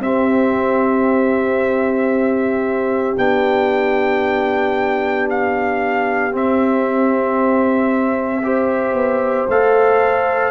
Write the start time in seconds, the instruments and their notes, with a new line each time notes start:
0.00 tuba C4, trombone C4, horn G4, trumpet E5
3.16 tuba B3, trombone D4, trumpet G5
5.30 trumpet F5
6.32 trombone C4, tuba C4, trumpet E5
8.43 trombone G4, horn C5
8.93 tuba B3
9.48 tuba A3, trombone A4, trumpet F5